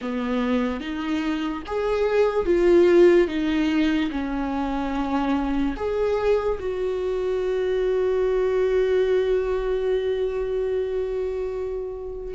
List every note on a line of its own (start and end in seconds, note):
0.01 0.80 B3
0.80 1.62 D#4
1.66 2.45 G#4
2.45 3.27 F4
3.27 4.09 D#4
4.10 5.75 C#4
5.76 6.58 G#4
6.59 12.34 F#4